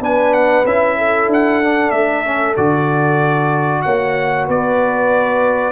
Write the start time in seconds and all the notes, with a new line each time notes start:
0.00 B3 D4 B4 G#5
0.34 F#5
0.65 C#4 E4 E5
0.98 A4
1.28 D4 F#5
1.63 D4
1.91 A3 E5
2.25 C#4
2.57 D3 F#4 D5
3.82 A#3 C#5 F#5
4.47 B3 B4 D5